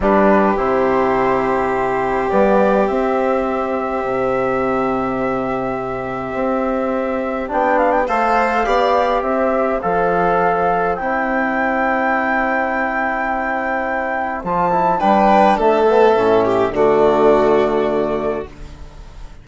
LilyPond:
<<
  \new Staff \with { instrumentName = "flute" } { \time 4/4 \tempo 4 = 104 b'4 c''2. | d''4 e''2.~ | e''1~ | e''4 g''8 f''16 g''16 f''2 |
e''4 f''2 g''4~ | g''1~ | g''4 a''4 g''4 e''4~ | e''4 d''2. | }
  \new Staff \with { instrumentName = "violin" } { \time 4/4 g'1~ | g'1~ | g'1~ | g'2 c''4 d''4 |
c''1~ | c''1~ | c''2 b'4 a'4~ | a'8 g'8 fis'2. | }
  \new Staff \with { instrumentName = "trombone" } { \time 4/4 d'4 e'2. | b4 c'2.~ | c'1~ | c'4 d'4 a'4 g'4~ |
g'4 a'2 e'4~ | e'1~ | e'4 f'8 e'8 d'4. b8 | cis'4 a2. | }
  \new Staff \with { instrumentName = "bassoon" } { \time 4/4 g4 c2. | g4 c'2 c4~ | c2. c'4~ | c'4 b4 a4 b4 |
c'4 f2 c'4~ | c'1~ | c'4 f4 g4 a4 | a,4 d2. | }
>>